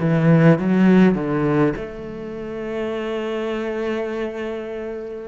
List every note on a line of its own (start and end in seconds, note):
0.00 0.59 E3
0.59 1.15 F#3
1.15 1.74 D3
1.76 5.28 A3